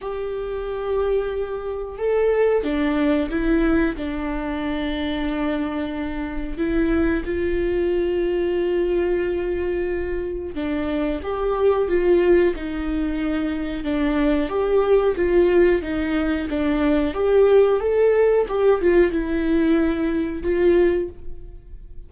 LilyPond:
\new Staff \with { instrumentName = "viola" } { \time 4/4 \tempo 4 = 91 g'2. a'4 | d'4 e'4 d'2~ | d'2 e'4 f'4~ | f'1 |
d'4 g'4 f'4 dis'4~ | dis'4 d'4 g'4 f'4 | dis'4 d'4 g'4 a'4 | g'8 f'8 e'2 f'4 | }